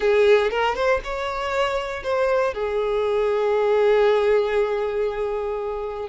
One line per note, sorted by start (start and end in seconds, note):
0.00 0.51 G#4
0.51 0.75 A#4
0.75 1.00 C5
1.04 2.03 C#5
2.03 2.54 C5
2.54 6.09 G#4